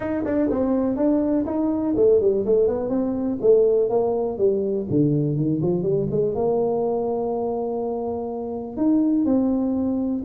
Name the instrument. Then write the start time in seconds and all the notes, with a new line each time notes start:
tuba
0.00 D#4
0.25 D4
0.50 C4
0.96 D4
1.45 D#4
1.96 A3
2.20 G3
2.45 A3
2.67 B3
2.89 C4
3.41 A3
3.89 A#3
4.37 G3
4.90 D3
5.36 D#3
5.61 F3
5.82 G3
6.10 G#3
6.34 A#3
8.76 D#4
9.25 C4